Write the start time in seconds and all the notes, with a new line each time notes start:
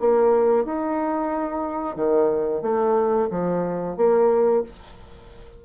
0.00 A#3
0.65 D#4
1.96 D#3
2.62 A3
3.31 F3
3.97 A#3